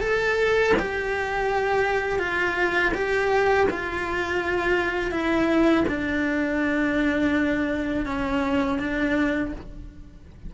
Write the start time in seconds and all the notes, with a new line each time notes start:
0.00 A4
0.78 G4
2.19 F4
2.94 G4
3.70 F4
5.11 E4
5.88 D4
8.06 C#4
8.79 D4